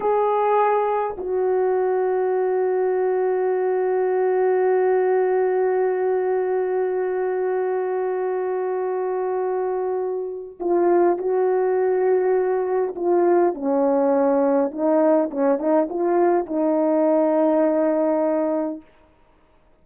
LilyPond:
\new Staff \with { instrumentName = "horn" } { \time 4/4 \tempo 4 = 102 gis'2 fis'2~ | fis'1~ | fis'1~ | fis'1~ |
fis'2 f'4 fis'4~ | fis'2 f'4 cis'4~ | cis'4 dis'4 cis'8 dis'8 f'4 | dis'1 | }